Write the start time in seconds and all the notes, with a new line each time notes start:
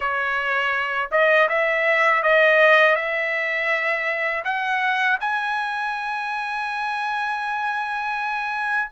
0.00 C#5
1.11 D#5
1.48 E5
2.22 D#5
2.95 E5
4.44 F#5
5.20 G#5